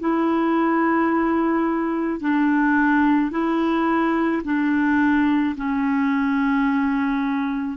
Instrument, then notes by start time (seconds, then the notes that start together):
clarinet
0.00 E4
2.20 D4
3.31 E4
4.44 D4
5.56 C#4